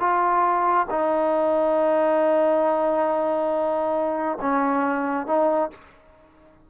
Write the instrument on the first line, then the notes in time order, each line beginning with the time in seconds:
trombone
0.00 F4
0.91 D#4
4.41 C#4
5.27 D#4